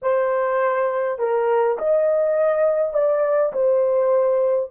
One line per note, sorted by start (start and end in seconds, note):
0.02 1.18 C5
1.18 1.77 A#4
1.78 2.93 D#5
2.93 3.52 D5
3.52 4.70 C5